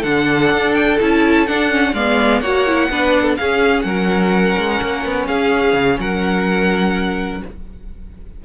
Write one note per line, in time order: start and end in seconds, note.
0.00 0.51 D3
0.00 1.00 D4
0.00 1.90 A4
0.00 0.74 F#5
0.52 0.99 D4
0.74 0.98 G5
1.00 1.49 C#4
1.00 1.47 E4
1.00 1.47 A5
1.47 1.70 D4
1.47 1.94 D4
1.47 1.94 F#5
1.70 1.93 C#4
1.93 2.41 G#3
1.93 2.43 B3
1.93 2.41 D5
1.93 2.41 F5
2.41 2.88 A#3
2.41 2.67 F#4
2.41 2.89 C#5
2.41 3.36 F#5
2.67 2.91 E4
2.90 3.37 B3
2.90 3.38 D4
2.90 3.22 B4
3.22 3.34 A4
3.36 3.84 C#4
3.36 7.45 C#4
3.36 3.86 G#4
3.36 3.81 F5
3.81 4.56 F#3
3.81 5.26 A#4
3.81 5.24 F#5
4.57 4.81 G#3
4.82 5.05 A#3
5.05 5.28 B3
5.26 5.73 C#4
5.26 5.97 G#4
5.26 5.99 F5
5.73 5.97 C#3
5.99 7.42 F#3
5.99 7.43 A#4
5.99 7.43 F#5